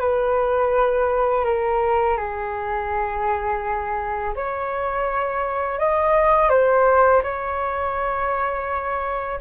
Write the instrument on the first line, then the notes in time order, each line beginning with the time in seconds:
flute
0.00 B4
1.45 A#4
2.17 G#4
4.36 C#5
5.79 D#5
6.50 C5
7.23 C#5